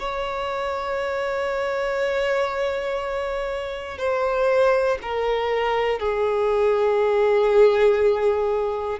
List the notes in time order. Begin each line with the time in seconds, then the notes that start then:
0.00 C#5
3.99 C5
5.03 A#4
6.00 G#4